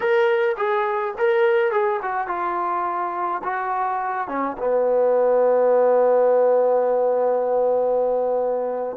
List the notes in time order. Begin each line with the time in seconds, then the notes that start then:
0.00 A#4
0.57 G#4
1.18 A#4
1.71 G#4
2.02 F#4
2.27 F4
3.43 F#4
4.28 C#4
4.58 B3